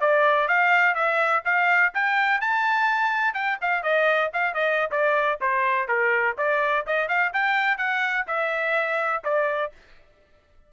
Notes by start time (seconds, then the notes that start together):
0.00 D5
0.48 F5
0.94 E5
1.44 F5
1.94 G5
2.41 A5
3.34 G5
3.61 F5
3.82 D#5
4.33 F5
4.54 D#5
4.91 D5
5.40 C5
5.88 A#4
6.37 D5
6.86 D#5
7.08 F5
7.33 G5
7.77 F#5
8.27 E5
9.24 D5